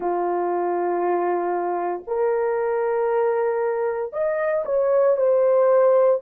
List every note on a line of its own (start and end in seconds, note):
0.00 2.03 F4
2.07 4.12 A#4
4.12 4.64 D#5
4.65 5.16 C#5
5.17 6.20 C5